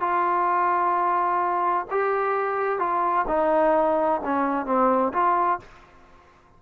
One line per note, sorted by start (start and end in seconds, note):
0.00 1.86 F4
1.90 2.79 G4
2.79 3.25 F4
3.27 4.21 D#4
4.24 4.66 C#4
4.66 5.12 C4
5.13 5.59 F4